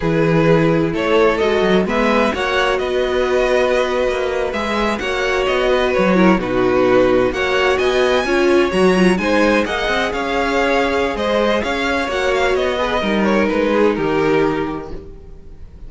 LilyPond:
<<
  \new Staff \with { instrumentName = "violin" } { \time 4/4 \tempo 4 = 129 b'2 cis''4 dis''4 | e''4 fis''4 dis''2~ | dis''4.~ dis''16 e''4 fis''4 dis''16~ | dis''8. cis''4 b'2 fis''16~ |
fis''8. gis''2 ais''4 gis''16~ | gis''8. fis''4 f''2~ f''16 | dis''4 f''4 fis''8 f''8 dis''4~ | dis''8 cis''8 b'4 ais'2 | }
  \new Staff \with { instrumentName = "violin" } { \time 4/4 gis'2 a'2 | b'4 cis''4 b'2~ | b'2~ b'8. cis''4~ cis''16~ | cis''16 b'4 ais'8 fis'2 cis''16~ |
cis''8. dis''4 cis''2 c''16~ | c''8. dis''4 cis''2~ cis''16 | c''4 cis''2~ cis''8 b'8 | ais'4. gis'8 g'2 | }
  \new Staff \with { instrumentName = "viola" } { \time 4/4 e'2. fis'4 | b4 fis'2.~ | fis'4.~ fis'16 gis'4 fis'4~ fis'16~ | fis'4~ fis'16 e'8 dis'2 fis'16~ |
fis'4.~ fis'16 f'4 fis'8 f'8 dis'16~ | dis'8. gis'2.~ gis'16~ | gis'2 fis'4. gis'8 | dis'1 | }
  \new Staff \with { instrumentName = "cello" } { \time 4/4 e2 a4 gis8 fis8 | gis4 ais4 b2~ | b8. ais4 gis4 ais4 b16~ | b8. fis4 b,2 ais16~ |
ais8. b4 cis'4 fis4 gis16~ | gis8. ais8 c'8 cis'2~ cis'16 | gis4 cis'4 ais4 b4 | g4 gis4 dis2 | }
>>